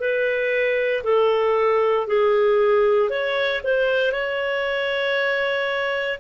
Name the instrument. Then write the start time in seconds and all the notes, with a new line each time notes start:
clarinet
0.00 B4
1.04 A4
2.07 G#4
3.10 C#5
3.63 C5
4.12 C#5